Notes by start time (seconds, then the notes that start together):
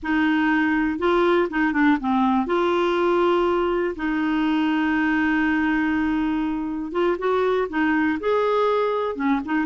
0.02 D#4
0.98 F4
1.49 D#4
1.72 D4
2.00 C4
2.46 F4
3.95 D#4
6.92 F4
7.18 F#4
7.69 D#4
8.20 G#4
9.15 C#4
9.45 D#4